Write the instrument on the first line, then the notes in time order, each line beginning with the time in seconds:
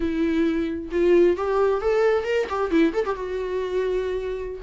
viola
0.00 E4
0.91 F4
1.36 G4
1.81 A4
2.24 A#4
2.49 G4
2.70 E4
2.93 A4
3.05 G4
3.14 F#4